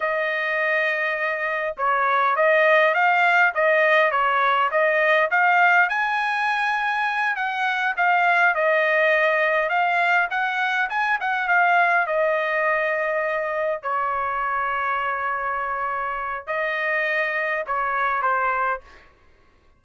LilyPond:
\new Staff \with { instrumentName = "trumpet" } { \time 4/4 \tempo 4 = 102 dis''2. cis''4 | dis''4 f''4 dis''4 cis''4 | dis''4 f''4 gis''2~ | gis''8 fis''4 f''4 dis''4.~ |
dis''8 f''4 fis''4 gis''8 fis''8 f''8~ | f''8 dis''2. cis''8~ | cis''1 | dis''2 cis''4 c''4 | }